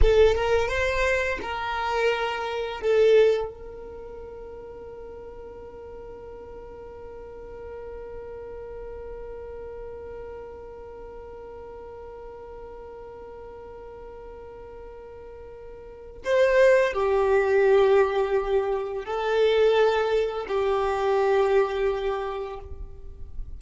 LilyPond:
\new Staff \with { instrumentName = "violin" } { \time 4/4 \tempo 4 = 85 a'8 ais'8 c''4 ais'2 | a'4 ais'2.~ | ais'1~ | ais'1~ |
ais'1~ | ais'2. c''4 | g'2. a'4~ | a'4 g'2. | }